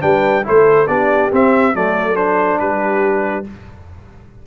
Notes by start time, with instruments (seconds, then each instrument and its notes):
0.00 tuba G3, trombone D4, horn B4, trumpet G5
0.43 tuba A3, trombone E4, horn A4, trumpet C5
0.87 tuba B3, trombone D4, horn G4, trumpet D5
1.32 trombone C4, tuba C4, trumpet E5
1.73 tuba F#3, trombone A3, horn A4, trumpet D5
2.15 trombone D4, trumpet C5
2.59 tuba G3, horn G4, trumpet B4